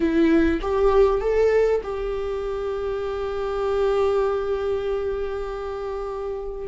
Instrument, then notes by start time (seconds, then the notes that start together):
viola
0.00 E4
0.61 G4
1.21 A4
1.83 G4